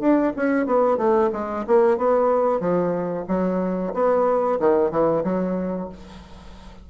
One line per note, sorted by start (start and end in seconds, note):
0.00 0.33 D4
0.36 0.66 C#4
0.66 0.97 B3
0.97 1.30 A3
1.33 1.65 G#3
1.67 1.97 A#3
1.97 2.60 B3
2.60 3.25 F3
3.28 3.93 F#3
3.94 4.59 B3
4.59 4.91 D#3
4.91 5.23 E3
5.24 5.89 F#3